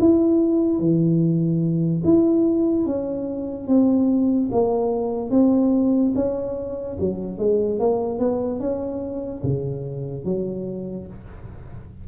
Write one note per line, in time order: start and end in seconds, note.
0.00 0.79 E4
0.79 2.02 E3
2.04 2.86 E4
2.86 3.68 C#4
3.68 4.50 C4
4.52 5.31 A#3
5.31 6.13 C4
6.15 6.97 C#4
7.00 7.39 F#3
7.39 7.80 G#3
7.80 8.19 A#3
8.19 8.60 B3
8.60 9.42 C#4
9.43 10.25 C#3
10.25 11.07 F#3